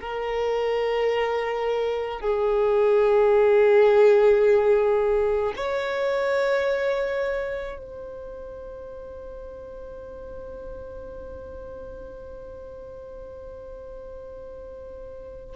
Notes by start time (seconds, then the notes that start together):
0.00 A#4
2.20 G#4
5.56 C#5
7.78 C5